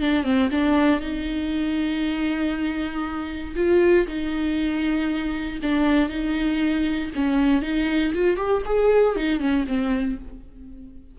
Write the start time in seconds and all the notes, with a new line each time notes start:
0.00 D4
0.23 C4
0.51 D4
1.00 D#4
3.55 F4
4.07 D#4
5.62 D4
6.09 D#4
7.15 C#4
7.62 D#4
8.14 F4
8.36 G4
8.65 G#4
9.15 D#4
9.40 C#4
9.67 C4